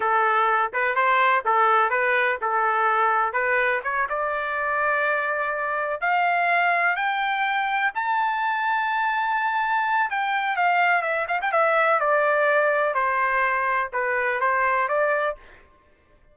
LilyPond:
\new Staff \with { instrumentName = "trumpet" } { \time 4/4 \tempo 4 = 125 a'4. b'8 c''4 a'4 | b'4 a'2 b'4 | cis''8 d''2.~ d''8~ | d''8 f''2 g''4.~ |
g''8 a''2.~ a''8~ | a''4 g''4 f''4 e''8 f''16 g''16 | e''4 d''2 c''4~ | c''4 b'4 c''4 d''4 | }